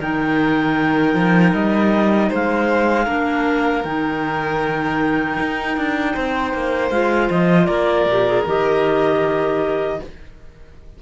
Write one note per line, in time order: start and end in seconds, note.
0.00 1.14 D#3
0.00 3.06 D#4
0.00 2.29 A#4
0.00 1.54 G5
1.14 1.53 F3
1.54 2.31 G3
1.54 2.31 D#5
2.29 3.08 G#3
2.29 3.04 C5
2.29 3.83 F5
3.04 3.84 A#3
3.04 3.83 D4
3.04 6.12 A#4
3.83 5.38 D#3
3.83 6.92 D#4
3.83 6.90 G5
5.40 5.77 D#4
5.77 6.16 D4
6.14 6.54 C4
6.14 7.66 C5
6.54 6.91 A#3
6.90 7.29 G#3
6.90 8.08 F4
6.90 7.29 F5
7.30 7.68 F3
7.30 7.66 D#5
7.66 8.06 A#3
7.66 9.97 A#4
7.66 8.43 D5
8.06 8.44 A#2
8.06 8.28 G4
8.28 8.47 G#4
8.46 10.00 D#3
8.46 10.01 G4
8.46 10.02 D#5